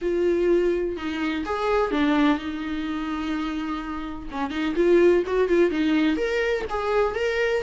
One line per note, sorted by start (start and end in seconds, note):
0.01 0.97 F4
0.97 1.44 D#4
1.45 1.91 G#4
1.91 2.38 D4
2.38 4.29 D#4
4.31 4.50 C#4
4.50 4.74 D#4
4.75 5.23 F4
5.26 5.48 F#4
5.48 5.71 F4
5.71 6.16 D#4
6.16 6.64 A#4
6.69 7.15 G#4
7.15 7.62 A#4